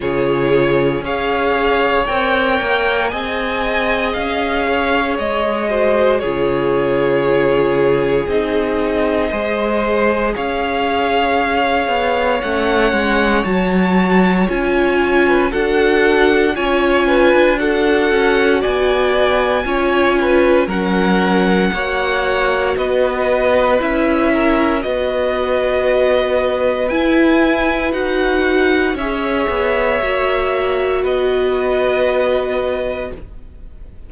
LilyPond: <<
  \new Staff \with { instrumentName = "violin" } { \time 4/4 \tempo 4 = 58 cis''4 f''4 g''4 gis''4 | f''4 dis''4 cis''2 | dis''2 f''2 | fis''4 a''4 gis''4 fis''4 |
gis''4 fis''4 gis''2 | fis''2 dis''4 e''4 | dis''2 gis''4 fis''4 | e''2 dis''2 | }
  \new Staff \with { instrumentName = "violin" } { \time 4/4 gis'4 cis''2 dis''4~ | dis''8 cis''4 c''8 gis'2~ | gis'4 c''4 cis''2~ | cis''2~ cis''8. b'16 a'4 |
cis''8 b'8 a'4 d''4 cis''8 b'8 | ais'4 cis''4 b'4. ais'8 | b'1 | cis''2 b'2 | }
  \new Staff \with { instrumentName = "viola" } { \time 4/4 f'4 gis'4 ais'4 gis'4~ | gis'4. fis'8 f'2 | dis'4 gis'2. | cis'4 fis'4 f'4 fis'4 |
f'4 fis'2 f'4 | cis'4 fis'2 e'4 | fis'2 e'4 fis'4 | gis'4 fis'2. | }
  \new Staff \with { instrumentName = "cello" } { \time 4/4 cis4 cis'4 c'8 ais8 c'4 | cis'4 gis4 cis2 | c'4 gis4 cis'4. b8 | a8 gis8 fis4 cis'4 d'4 |
cis'8. d'8. cis'8 b4 cis'4 | fis4 ais4 b4 cis'4 | b2 e'4 dis'4 | cis'8 b8 ais4 b2 | }
>>